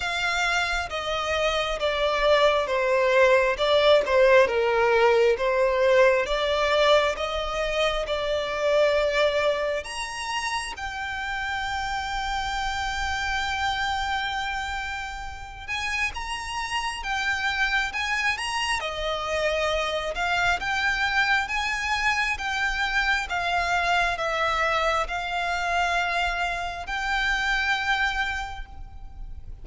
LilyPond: \new Staff \with { instrumentName = "violin" } { \time 4/4 \tempo 4 = 67 f''4 dis''4 d''4 c''4 | d''8 c''8 ais'4 c''4 d''4 | dis''4 d''2 ais''4 | g''1~ |
g''4. gis''8 ais''4 g''4 | gis''8 ais''8 dis''4. f''8 g''4 | gis''4 g''4 f''4 e''4 | f''2 g''2 | }